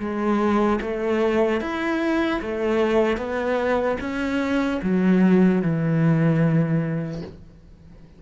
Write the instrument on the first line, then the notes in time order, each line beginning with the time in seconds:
cello
0.00 G#3
0.81 A3
1.61 E4
2.42 A3
3.17 B3
4.01 C#4
4.83 F#3
5.62 E3